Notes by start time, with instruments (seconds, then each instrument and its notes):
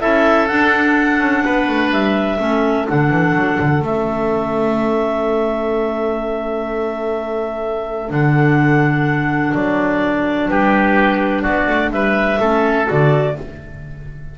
0.00 double bass C#4, clarinet E4 E5, oboe A4
0.47 clarinet D4 F#5, double bass D4
1.20 double bass C#4
1.45 double bass B3, oboe B4
1.69 double bass A3
1.91 double bass G3, clarinet E5
2.39 double bass A3, clarinet C#4, oboe A4
2.88 double bass D3, clarinet D4 F#5
3.10 double bass E3
3.35 double bass F#3
3.59 double bass D3
3.82 double bass A3, clarinet C#4 E5
8.09 double bass D3, clarinet D4 F#5
9.54 double bass F#3, clarinet D5
10.49 double bass G3, oboe G4, clarinet B4
11.42 double bass B3, oboe F#4, clarinet D5
11.67 double bass A3
11.91 double bass G3, oboe B4, clarinet E5
12.40 double bass A3, clarinet C#4, oboe A4
12.86 double bass D3, clarinet F#4 D5